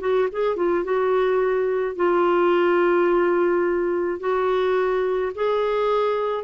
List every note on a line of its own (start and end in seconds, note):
0.00 0.28 F#4
0.31 0.56 G#4
0.56 0.84 F4
0.84 1.95 F#4
1.95 4.20 F4
4.20 5.32 F#4
5.34 6.44 G#4